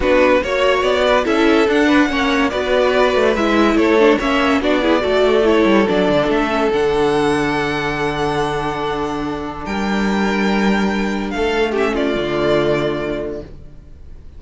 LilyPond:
<<
  \new Staff \with { instrumentName = "violin" } { \time 4/4 \tempo 4 = 143 b'4 cis''4 d''4 e''4 | fis''2 d''2 | e''4 cis''4 e''4 d''4~ | d''4 cis''4 d''4 e''4 |
fis''1~ | fis''2. g''4~ | g''2. f''4 | e''8 d''2.~ d''8 | }
  \new Staff \with { instrumentName = "violin" } { \time 4/4 fis'4 cis''4. b'8 a'4~ | a'8 b'8 cis''4 b'2~ | b'4 a'4 cis''4 fis'8 gis'8 | a'1~ |
a'1~ | a'2. ais'4~ | ais'2. a'4 | g'8 f'2.~ f'8 | }
  \new Staff \with { instrumentName = "viola" } { \time 4/4 d'4 fis'2 e'4 | d'4 cis'4 fis'2 | e'4. d'8 cis'4 d'8 e'8 | fis'4 e'4 d'4. cis'8 |
d'1~ | d'1~ | d'1 | cis'4 a2. | }
  \new Staff \with { instrumentName = "cello" } { \time 4/4 b4 ais4 b4 cis'4 | d'4 ais4 b4. a8 | gis4 a4 ais4 b4 | a4. g8 fis8 d8 a4 |
d1~ | d2. g4~ | g2. a4~ | a4 d2. | }
>>